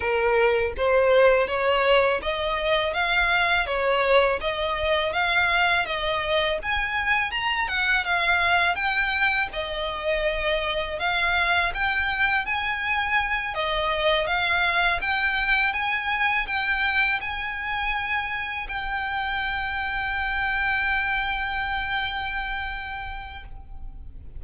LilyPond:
\new Staff \with { instrumentName = "violin" } { \time 4/4 \tempo 4 = 82 ais'4 c''4 cis''4 dis''4 | f''4 cis''4 dis''4 f''4 | dis''4 gis''4 ais''8 fis''8 f''4 | g''4 dis''2 f''4 |
g''4 gis''4. dis''4 f''8~ | f''8 g''4 gis''4 g''4 gis''8~ | gis''4. g''2~ g''8~ | g''1 | }